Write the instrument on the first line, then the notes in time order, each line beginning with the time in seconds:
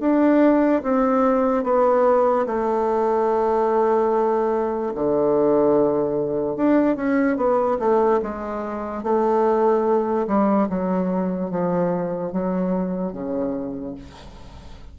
bassoon
0.00 D4
0.83 C4
1.64 B3
2.46 A3
4.95 D3
6.56 D4
6.96 C#4
7.37 B3
7.79 A3
8.22 G#3
9.03 A3
10.27 G3
10.69 F#3
11.50 F3
12.32 F#3
13.12 C#3